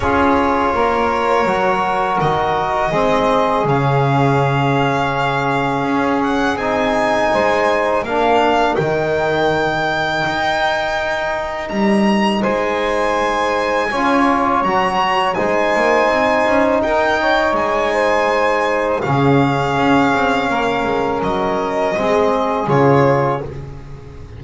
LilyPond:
<<
  \new Staff \with { instrumentName = "violin" } { \time 4/4 \tempo 4 = 82 cis''2. dis''4~ | dis''4 f''2.~ | f''8 fis''8 gis''2 f''4 | g''1 |
ais''4 gis''2. | ais''4 gis''2 g''4 | gis''2 f''2~ | f''4 dis''2 cis''4 | }
  \new Staff \with { instrumentName = "saxophone" } { \time 4/4 gis'4 ais'2. | gis'1~ | gis'2 c''4 ais'4~ | ais'1~ |
ais'4 c''2 cis''4~ | cis''4 c''2 ais'8 cis''8~ | cis''8 c''4. gis'2 | ais'2 gis'2 | }
  \new Staff \with { instrumentName = "trombone" } { \time 4/4 f'2 fis'2 | c'4 cis'2.~ | cis'4 dis'2 d'4 | dis'1~ |
dis'2. f'4 | fis'4 dis'2.~ | dis'2 cis'2~ | cis'2 c'4 f'4 | }
  \new Staff \with { instrumentName = "double bass" } { \time 4/4 cis'4 ais4 fis4 dis4 | gis4 cis2. | cis'4 c'4 gis4 ais4 | dis2 dis'2 |
g4 gis2 cis'4 | fis4 gis8 ais8 c'8 cis'8 dis'4 | gis2 cis4 cis'8 c'8 | ais8 gis8 fis4 gis4 cis4 | }
>>